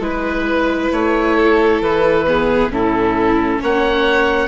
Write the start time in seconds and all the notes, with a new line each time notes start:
0.00 G#3 E4 B4
0.07 B4
0.92 A3 C#5
1.36 A4
1.81 E3 B4
2.27 B3 G#4
2.70 A2 C#4 E4 A4
3.60 A#3 C#5 F#5